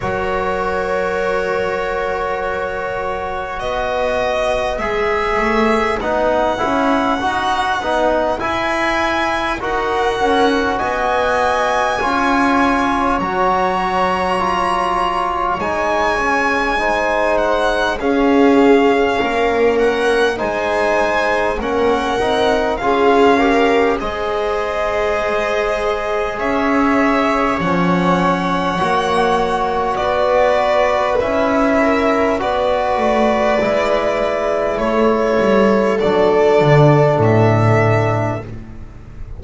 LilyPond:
<<
  \new Staff \with { instrumentName = "violin" } { \time 4/4 \tempo 4 = 50 cis''2. dis''4 | e''4 fis''2 gis''4 | fis''4 gis''2 ais''4~ | ais''4 gis''4. fis''8 f''4~ |
f''8 fis''8 gis''4 fis''4 f''4 | dis''2 e''4 fis''4~ | fis''4 d''4 e''4 d''4~ | d''4 cis''4 d''4 e''4 | }
  \new Staff \with { instrumentName = "viola" } { \time 4/4 ais'2. b'4~ | b'1 | ais'4 dis''4 cis''2~ | cis''2 c''4 gis'4 |
ais'4 c''4 ais'4 gis'8 ais'8 | c''2 cis''2~ | cis''4 b'4. ais'8 b'4~ | b'4 a'2. | }
  \new Staff \with { instrumentName = "trombone" } { \time 4/4 fis'1 | gis'4 dis'8 e'8 fis'8 dis'8 e'4 | fis'2 f'4 fis'4 | f'4 dis'8 cis'8 dis'4 cis'4~ |
cis'4 dis'4 cis'8 dis'8 f'8 g'8 | gis'2. cis'4 | fis'2 e'4 fis'4 | e'2 d'2 | }
  \new Staff \with { instrumentName = "double bass" } { \time 4/4 fis2. b4 | gis8 a8 b8 cis'8 dis'8 b8 e'4 | dis'8 cis'8 b4 cis'4 fis4~ | fis4 gis2 cis'4 |
ais4 gis4 ais8 c'8 cis'4 | gis2 cis'4 f4 | ais4 b4 cis'4 b8 a8 | gis4 a8 g8 fis8 d8 a,4 | }
>>